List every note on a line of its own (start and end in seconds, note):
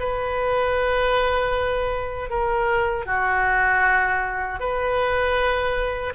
0.00 2.30 B4
2.30 3.06 A#4
3.06 4.60 F#4
4.60 6.14 B4